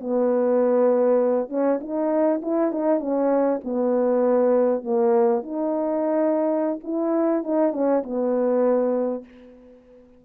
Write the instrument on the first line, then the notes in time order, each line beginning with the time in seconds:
horn
0.00 B3
1.49 C#4
1.80 D#4
2.42 E4
2.72 D#4
3.00 C#4
3.64 B3
4.83 A#3
5.43 D#4
6.83 E4
7.44 D#4
7.72 C#4
8.03 B3